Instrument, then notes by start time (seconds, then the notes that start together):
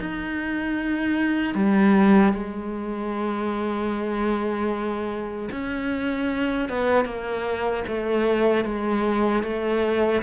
cello
0.00 D#4
1.55 G3
2.33 G#3
5.52 C#4
6.69 B3
7.05 A#3
7.88 A3
8.64 G#3
9.43 A3